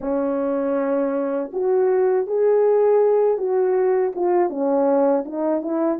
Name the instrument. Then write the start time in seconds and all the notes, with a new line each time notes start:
horn
0.00 C#4
1.52 F#4
2.27 G#4
3.37 F#4
4.15 F4
4.49 C#4
5.25 D#4
5.61 E4